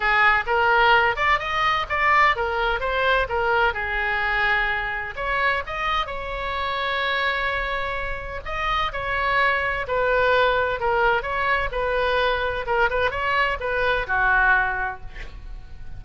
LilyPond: \new Staff \with { instrumentName = "oboe" } { \time 4/4 \tempo 4 = 128 gis'4 ais'4. d''8 dis''4 | d''4 ais'4 c''4 ais'4 | gis'2. cis''4 | dis''4 cis''2.~ |
cis''2 dis''4 cis''4~ | cis''4 b'2 ais'4 | cis''4 b'2 ais'8 b'8 | cis''4 b'4 fis'2 | }